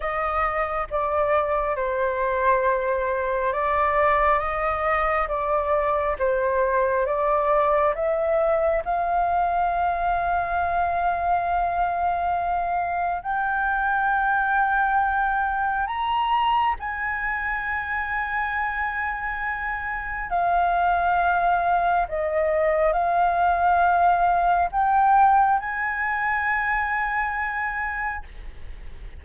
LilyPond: \new Staff \with { instrumentName = "flute" } { \time 4/4 \tempo 4 = 68 dis''4 d''4 c''2 | d''4 dis''4 d''4 c''4 | d''4 e''4 f''2~ | f''2. g''4~ |
g''2 ais''4 gis''4~ | gis''2. f''4~ | f''4 dis''4 f''2 | g''4 gis''2. | }